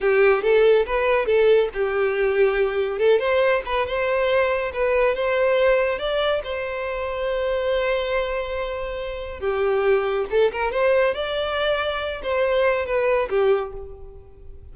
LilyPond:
\new Staff \with { instrumentName = "violin" } { \time 4/4 \tempo 4 = 140 g'4 a'4 b'4 a'4 | g'2. a'8 c''8~ | c''8 b'8 c''2 b'4 | c''2 d''4 c''4~ |
c''1~ | c''2 g'2 | a'8 ais'8 c''4 d''2~ | d''8 c''4. b'4 g'4 | }